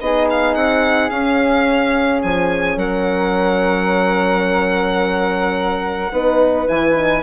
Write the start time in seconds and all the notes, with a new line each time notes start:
0.00 B3 D#4 G#4 D#5
0.30 F5
0.54 C4 F#5
1.10 C#4 F5
2.23 F3 G#5
2.76 F#3 A#4 F#5
6.11 B3 D#4 B4
6.66 E3 E4 G#5
6.94 D#4